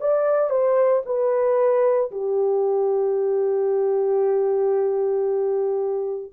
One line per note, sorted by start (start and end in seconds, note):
0.00 0.50 D5
0.50 1.02 C5
1.05 2.11 B4
2.11 6.32 G4